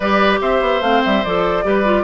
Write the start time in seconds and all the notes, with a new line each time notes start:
0.00 G3 G4 B4 D5
0.40 C4 C5 E5
0.61 B3
0.81 A3 C4 F5
1.04 G3 E5
1.24 F3 A4 D5
1.64 G3 G4 B4
1.84 F4